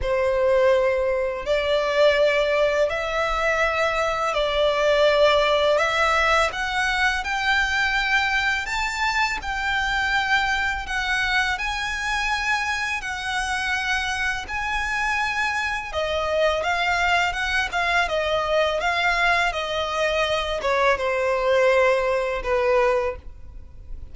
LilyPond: \new Staff \with { instrumentName = "violin" } { \time 4/4 \tempo 4 = 83 c''2 d''2 | e''2 d''2 | e''4 fis''4 g''2 | a''4 g''2 fis''4 |
gis''2 fis''2 | gis''2 dis''4 f''4 | fis''8 f''8 dis''4 f''4 dis''4~ | dis''8 cis''8 c''2 b'4 | }